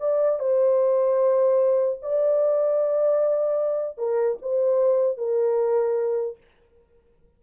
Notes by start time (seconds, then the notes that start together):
0.00 D5
0.40 C5
2.02 D5
3.98 A#4
4.42 C5
5.18 A#4